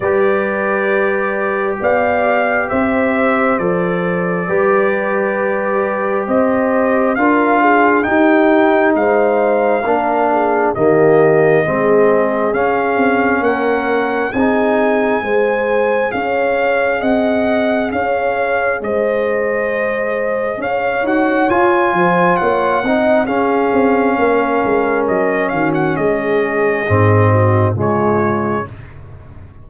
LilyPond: <<
  \new Staff \with { instrumentName = "trumpet" } { \time 4/4 \tempo 4 = 67 d''2 f''4 e''4 | d''2. dis''4 | f''4 g''4 f''2 | dis''2 f''4 fis''4 |
gis''2 f''4 fis''4 | f''4 dis''2 f''8 fis''8 | gis''4 fis''4 f''2 | dis''8 f''16 fis''16 dis''2 cis''4 | }
  \new Staff \with { instrumentName = "horn" } { \time 4/4 b'2 d''4 c''4~ | c''4 b'2 c''4 | ais'8 gis'8 g'4 c''4 ais'8 gis'8 | g'4 gis'2 ais'4 |
gis'4 c''4 cis''4 dis''4 | cis''4 c''2 cis''4~ | cis''8 c''8 cis''8 dis''8 gis'4 ais'4~ | ais'8 fis'8 gis'4. fis'8 f'4 | }
  \new Staff \with { instrumentName = "trombone" } { \time 4/4 g'1 | a'4 g'2. | f'4 dis'2 d'4 | ais4 c'4 cis'2 |
dis'4 gis'2.~ | gis'2.~ gis'8 fis'8 | f'4. dis'8 cis'2~ | cis'2 c'4 gis4 | }
  \new Staff \with { instrumentName = "tuba" } { \time 4/4 g2 b4 c'4 | f4 g2 c'4 | d'4 dis'4 gis4 ais4 | dis4 gis4 cis'8 c'8 ais4 |
c'4 gis4 cis'4 c'4 | cis'4 gis2 cis'8 dis'8 | f'8 f8 ais8 c'8 cis'8 c'8 ais8 gis8 | fis8 dis8 gis4 gis,4 cis4 | }
>>